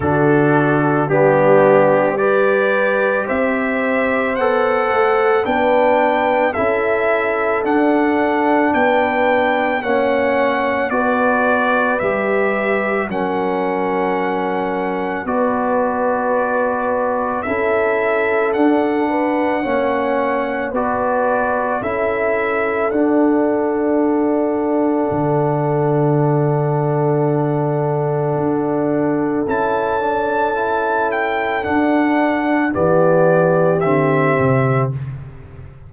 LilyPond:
<<
  \new Staff \with { instrumentName = "trumpet" } { \time 4/4 \tempo 4 = 55 a'4 g'4 d''4 e''4 | fis''4 g''4 e''4 fis''4 | g''4 fis''4 d''4 e''4 | fis''2 d''2 |
e''4 fis''2 d''4 | e''4 fis''2.~ | fis''2. a''4~ | a''8 g''8 fis''4 d''4 e''4 | }
  \new Staff \with { instrumentName = "horn" } { \time 4/4 fis'4 d'4 b'4 c''4~ | c''4 b'4 a'2 | b'4 cis''4 b'2 | ais'2 b'2 |
a'4. b'8 cis''4 b'4 | a'1~ | a'1~ | a'2 g'2 | }
  \new Staff \with { instrumentName = "trombone" } { \time 4/4 d'4 b4 g'2 | a'4 d'4 e'4 d'4~ | d'4 cis'4 fis'4 g'4 | cis'2 fis'2 |
e'4 d'4 cis'4 fis'4 | e'4 d'2.~ | d'2. e'8 d'8 | e'4 d'4 b4 c'4 | }
  \new Staff \with { instrumentName = "tuba" } { \time 4/4 d4 g2 c'4 | b8 a8 b4 cis'4 d'4 | b4 ais4 b4 g4 | fis2 b2 |
cis'4 d'4 ais4 b4 | cis'4 d'2 d4~ | d2 d'4 cis'4~ | cis'4 d'4 e4 d8 c8 | }
>>